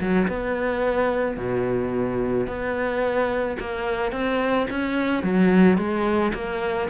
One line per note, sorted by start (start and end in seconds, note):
0.00 0.28 F#3
0.28 1.37 B3
1.37 2.47 B2
2.47 3.57 B3
3.59 4.12 A#3
4.12 4.67 C4
4.70 5.23 C#4
5.23 5.77 F#3
5.77 6.32 G#3
6.34 6.89 A#3